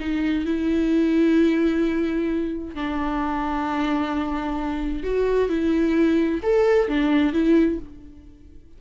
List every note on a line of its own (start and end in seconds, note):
0.00 0.46 D#4
0.46 2.75 E4
2.75 5.04 D4
5.04 5.49 F#4
5.49 6.41 E4
6.43 6.88 A4
6.88 7.33 D4
7.33 7.79 E4